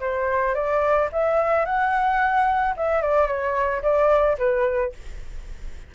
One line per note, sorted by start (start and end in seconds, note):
0.00 0.55 C5
0.55 1.09 D5
1.12 1.66 E5
1.66 2.75 F#5
2.77 3.02 E5
3.02 3.27 D5
3.27 3.82 C#5
3.83 4.37 D5
4.38 4.93 B4